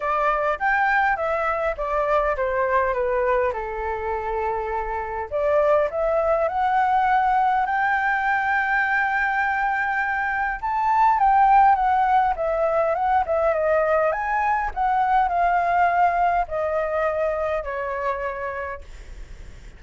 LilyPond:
\new Staff \with { instrumentName = "flute" } { \time 4/4 \tempo 4 = 102 d''4 g''4 e''4 d''4 | c''4 b'4 a'2~ | a'4 d''4 e''4 fis''4~ | fis''4 g''2.~ |
g''2 a''4 g''4 | fis''4 e''4 fis''8 e''8 dis''4 | gis''4 fis''4 f''2 | dis''2 cis''2 | }